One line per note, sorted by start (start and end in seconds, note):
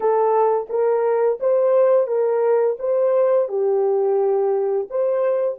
0.00 0.67 A4
0.69 1.39 A#4
1.40 2.07 C5
2.07 2.77 A#4
2.79 3.48 C5
3.48 4.87 G4
4.90 5.58 C5